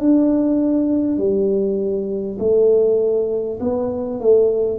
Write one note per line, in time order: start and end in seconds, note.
0.00 1.18 D4
1.18 2.38 G3
2.39 3.59 A3
3.61 4.21 B3
4.21 4.79 A3